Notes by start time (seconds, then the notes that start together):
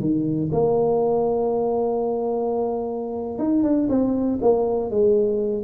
0.00 D#3
0.52 A#3
3.38 D#4
3.63 D4
3.89 C4
4.42 A#3
4.90 G#3